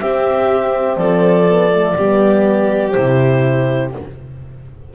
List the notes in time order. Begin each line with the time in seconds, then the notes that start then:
0.00 C4 G4 E5
0.97 F3 A4 D5
1.50 B3
1.72 A3
1.97 G3 B3 G4
2.91 E4 C5
2.97 C3